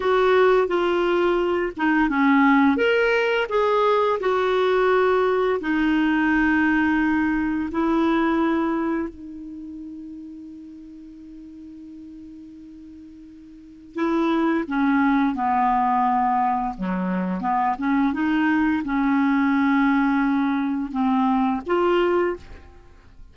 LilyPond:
\new Staff \with { instrumentName = "clarinet" } { \time 4/4 \tempo 4 = 86 fis'4 f'4. dis'8 cis'4 | ais'4 gis'4 fis'2 | dis'2. e'4~ | e'4 dis'2.~ |
dis'1 | e'4 cis'4 b2 | fis4 b8 cis'8 dis'4 cis'4~ | cis'2 c'4 f'4 | }